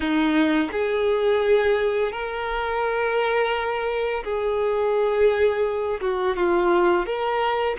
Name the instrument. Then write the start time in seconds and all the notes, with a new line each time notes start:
violin
0.00 D#4
0.72 G#4
2.12 A#4
4.24 G#4
6.01 F#4
6.36 F4
7.06 A#4